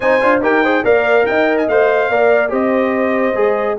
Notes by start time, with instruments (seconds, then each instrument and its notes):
0.00 tuba C4, trombone D#4, horn C5, trumpet G#5
0.20 tuba D4, trombone F4
0.40 tuba D#4, trombone G4, horn A#4, trumpet G5
0.62 trombone G#4, horn C5
0.84 tuba A#3, trombone A#4, horn D5, trumpet F5
1.25 tuba D#4, horn D#5, trumpet G5
1.57 trumpet G#5
1.67 tuba A3, trombone C5, trumpet F5
2.09 tuba A#3, trombone A#4, horn D5
2.48 tuba C4, trombone G4, horn C5, trumpet D#5
3.35 tuba G#3, trombone G#4